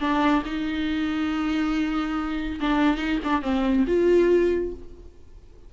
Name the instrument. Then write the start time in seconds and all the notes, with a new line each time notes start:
viola
0.00 D4
0.45 D#4
2.60 D4
2.97 D#4
3.24 D4
3.42 C4
3.87 F4